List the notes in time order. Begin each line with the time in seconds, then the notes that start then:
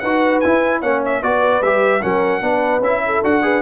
0.00 D#4 F#4 B4 F#5
0.41 E4 G#5
0.81 A#3 C#4 C#5 F#5
1.06 E5
1.23 B3 F#4 B4 D5
1.62 G3 G4 E5
2.02 F#3 C#4 A#4 F#5
2.41 B3 D4 B4
2.81 C#4 E4 E5
3.06 A4
3.24 D4 F#4 F#5
3.43 G#4 B4